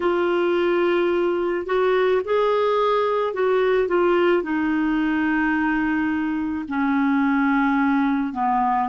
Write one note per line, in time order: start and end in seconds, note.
0.00 1.66 F4
1.66 2.21 F#4
2.25 3.33 G#4
3.33 3.87 F#4
3.87 4.42 F4
4.42 6.65 D#4
6.68 8.33 C#4
8.33 8.88 B3